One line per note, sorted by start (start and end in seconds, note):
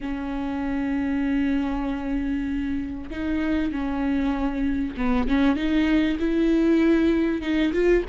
0.00 3.10 C#4
3.10 3.72 D#4
3.72 4.95 C#4
4.97 5.27 B3
5.27 5.56 C#4
5.56 6.18 D#4
6.19 7.41 E4
7.41 7.72 D#4
7.72 8.03 F4